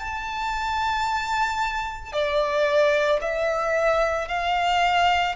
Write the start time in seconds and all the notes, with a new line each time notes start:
0.00 A5
2.13 D5
3.21 E5
4.29 F5